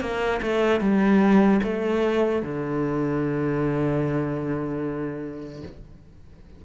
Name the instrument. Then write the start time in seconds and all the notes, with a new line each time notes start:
cello
0.00 A#3
0.42 A3
0.80 G3
1.63 A3
2.42 D3